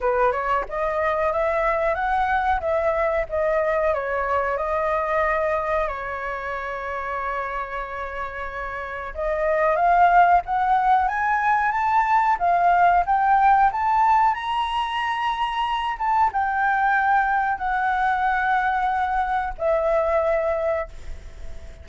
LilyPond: \new Staff \with { instrumentName = "flute" } { \time 4/4 \tempo 4 = 92 b'8 cis''8 dis''4 e''4 fis''4 | e''4 dis''4 cis''4 dis''4~ | dis''4 cis''2.~ | cis''2 dis''4 f''4 |
fis''4 gis''4 a''4 f''4 | g''4 a''4 ais''2~ | ais''8 a''8 g''2 fis''4~ | fis''2 e''2 | }